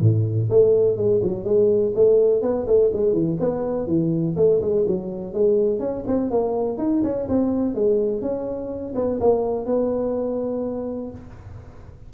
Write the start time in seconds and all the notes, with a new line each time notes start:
0.00 A2
0.49 A3
0.96 G#3
1.22 F#3
1.44 G#3
1.95 A3
2.41 B3
2.67 A3
2.93 G#3
3.13 E3
3.39 B3
3.86 E3
4.36 A3
4.61 G#3
4.87 F#3
5.33 G#3
5.79 C#4
6.07 C4
6.30 A#3
6.77 D#4
7.03 C#4
7.28 C4
7.74 G#3
8.21 C#4
8.94 B3
9.20 A#3
9.65 B3